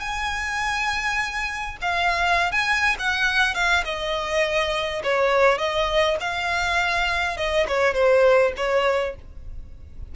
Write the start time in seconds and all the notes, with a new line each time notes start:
0.00 G#5
1.81 F5
2.51 G#5
2.99 F#5
3.54 F5
3.84 D#5
5.03 C#5
5.58 D#5
6.20 F5
7.37 D#5
7.67 C#5
7.94 C5
8.56 C#5